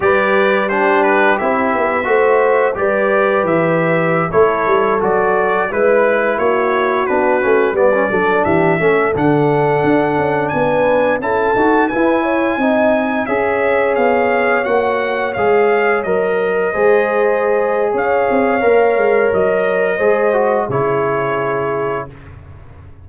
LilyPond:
<<
  \new Staff \with { instrumentName = "trumpet" } { \time 4/4 \tempo 4 = 87 d''4 c''8 b'8 e''2 | d''4 e''4~ e''16 cis''4 d''8.~ | d''16 b'4 cis''4 b'4 d''8.~ | d''16 e''4 fis''2 gis''8.~ |
gis''16 a''4 gis''2 e''8.~ | e''16 f''4 fis''4 f''4 dis''8.~ | dis''2 f''2 | dis''2 cis''2 | }
  \new Staff \with { instrumentName = "horn" } { \time 4/4 b'4 g'2 c''4 | b'2~ b'16 a'4.~ a'16~ | a'16 b'4 fis'2 b'8 a'16~ | a'16 g'8 a'2~ a'8 b'8.~ |
b'16 a'4 b'8 cis''8 dis''4 cis''8.~ | cis''1~ | cis''16 c''4.~ c''16 cis''2~ | cis''4 c''4 gis'2 | }
  \new Staff \with { instrumentName = "trombone" } { \time 4/4 g'4 d'4 e'4 fis'4 | g'2~ g'16 e'4 fis'8.~ | fis'16 e'2 d'8 cis'8 b16 cis'16 d'16~ | d'8. cis'8 d'2~ d'8.~ |
d'16 e'8 fis'8 e'4 dis'4 gis'8.~ | gis'4~ gis'16 fis'4 gis'4 ais'8.~ | ais'16 gis'2~ gis'8. ais'4~ | ais'4 gis'8 fis'8 e'2 | }
  \new Staff \with { instrumentName = "tuba" } { \time 4/4 g2 c'8 b8 a4 | g4 e4~ e16 a8 g8 fis8.~ | fis16 gis4 ais4 b8 a8 g8 fis16~ | fis16 e8 a8 d4 d'8 cis'8 b8.~ |
b16 cis'8 dis'8 e'4 c'4 cis'8.~ | cis'16 b4 ais4 gis4 fis8.~ | fis16 gis4.~ gis16 cis'8 c'8 ais8 gis8 | fis4 gis4 cis2 | }
>>